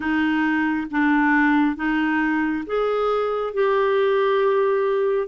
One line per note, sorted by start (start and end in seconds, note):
0.00 0.87 D#4
0.90 1.76 D4
1.76 2.64 D#4
2.66 3.53 G#4
3.53 5.27 G4